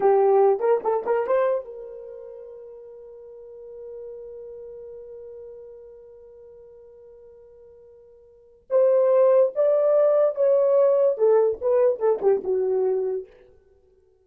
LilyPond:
\new Staff \with { instrumentName = "horn" } { \time 4/4 \tempo 4 = 145 g'4. ais'8 a'8 ais'8 c''4 | ais'1~ | ais'1~ | ais'1~ |
ais'1~ | ais'4 c''2 d''4~ | d''4 cis''2 a'4 | b'4 a'8 g'8 fis'2 | }